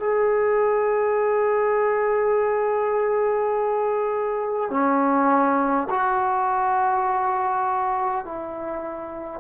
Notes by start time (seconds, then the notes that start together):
0.00 G#4
4.71 C#4
5.90 F#4
8.25 E4